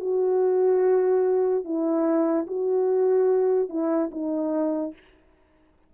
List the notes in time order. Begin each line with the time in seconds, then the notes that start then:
0.00 F#4
1.64 E4
2.47 F#4
3.69 E4
4.11 D#4